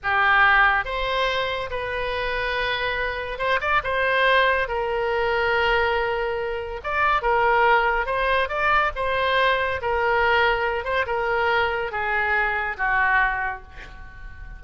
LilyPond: \new Staff \with { instrumentName = "oboe" } { \time 4/4 \tempo 4 = 141 g'2 c''2 | b'1 | c''8 d''8 c''2 ais'4~ | ais'1 |
d''4 ais'2 c''4 | d''4 c''2 ais'4~ | ais'4. c''8 ais'2 | gis'2 fis'2 | }